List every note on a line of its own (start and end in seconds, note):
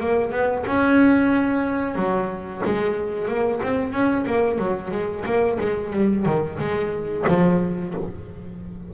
0.00 0.32 A#3
0.32 0.65 B3
0.66 1.96 C#4
1.96 2.62 F#3
2.65 3.28 G#3
3.28 3.61 A#3
3.63 3.92 C4
3.92 4.25 C#4
4.26 4.59 A#3
4.59 4.91 F#3
4.91 5.24 G#3
5.25 5.58 A#3
5.60 5.93 G#3
5.93 6.25 G3
6.25 6.58 D#3
6.59 7.25 G#3
7.28 7.94 F3